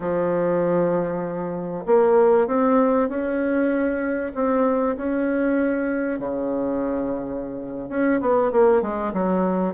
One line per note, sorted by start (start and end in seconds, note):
0.00 1.84 F3
1.86 2.47 A#3
2.47 3.08 C4
3.08 4.32 C#4
4.34 4.96 C4
4.97 6.19 C#4
6.19 7.89 C#3
7.89 8.20 C#4
8.20 8.51 B3
8.51 8.81 A#3
8.81 9.12 G#3
9.13 9.74 F#3